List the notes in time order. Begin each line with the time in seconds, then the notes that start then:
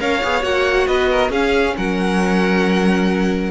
0.00 C#4 A#4 C#5 F5
0.23 B3 G#4
0.42 A#3 F#4 F#5
0.87 B3 B4 D#5
1.11 A#4
1.29 C#4 G#4 F5
1.77 F#3 A#4 F#5